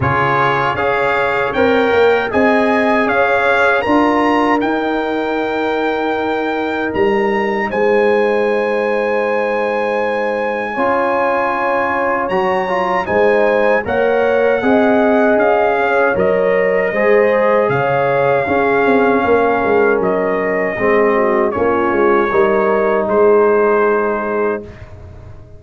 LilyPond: <<
  \new Staff \with { instrumentName = "trumpet" } { \time 4/4 \tempo 4 = 78 cis''4 f''4 g''4 gis''4 | f''4 ais''4 g''2~ | g''4 ais''4 gis''2~ | gis''1 |
ais''4 gis''4 fis''2 | f''4 dis''2 f''4~ | f''2 dis''2 | cis''2 c''2 | }
  \new Staff \with { instrumentName = "horn" } { \time 4/4 gis'4 cis''2 dis''4 | cis''4 ais'2.~ | ais'2 c''2~ | c''2 cis''2~ |
cis''4 c''4 cis''4 dis''4~ | dis''8 cis''4. c''4 cis''4 | gis'4 ais'2 gis'8 fis'8 | f'4 ais'4 gis'2 | }
  \new Staff \with { instrumentName = "trombone" } { \time 4/4 f'4 gis'4 ais'4 gis'4~ | gis'4 f'4 dis'2~ | dis'1~ | dis'2 f'2 |
fis'8 f'8 dis'4 ais'4 gis'4~ | gis'4 ais'4 gis'2 | cis'2. c'4 | cis'4 dis'2. | }
  \new Staff \with { instrumentName = "tuba" } { \time 4/4 cis4 cis'4 c'8 ais8 c'4 | cis'4 d'4 dis'2~ | dis'4 g4 gis2~ | gis2 cis'2 |
fis4 gis4 ais4 c'4 | cis'4 fis4 gis4 cis4 | cis'8 c'8 ais8 gis8 fis4 gis4 | ais8 gis8 g4 gis2 | }
>>